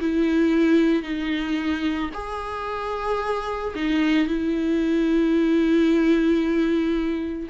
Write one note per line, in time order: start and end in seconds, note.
0.00 1.03 E4
1.03 2.10 D#4
2.13 3.74 G#4
3.75 4.27 D#4
4.27 7.49 E4